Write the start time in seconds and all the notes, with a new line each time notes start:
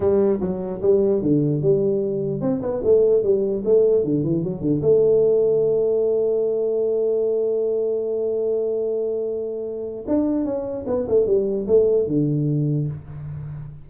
0.00 G3
0.40 F#3
0.82 G3
1.22 D3
1.62 G3
2.41 C4
2.61 B3
2.84 A3
3.23 G3
3.64 A3
4.03 D3
4.23 E3
4.43 F#3
4.61 D3
4.82 A3
10.07 D4
10.44 C#4
10.86 B3
11.08 A3
11.26 G3
11.67 A3
12.07 D3